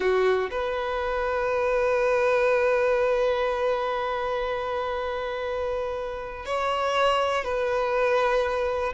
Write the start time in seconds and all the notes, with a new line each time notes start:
0.00 F#4
0.50 B4
6.45 C#5
7.44 B4